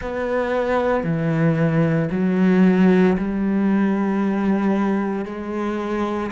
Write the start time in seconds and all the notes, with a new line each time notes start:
0.01 B3
1.03 E3
2.11 F#3
3.17 G3
5.25 G#3